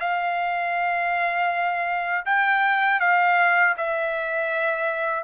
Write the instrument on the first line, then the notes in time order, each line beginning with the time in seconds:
trumpet
0.00 F5
2.26 G5
3.00 F5
3.77 E5